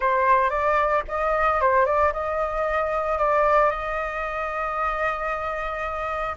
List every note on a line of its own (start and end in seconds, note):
0.00 0.49 C5
0.49 1.03 D5
1.07 1.60 D#5
1.60 1.85 C5
1.85 2.12 D5
2.12 3.18 D#5
3.18 3.70 D5
3.70 6.35 D#5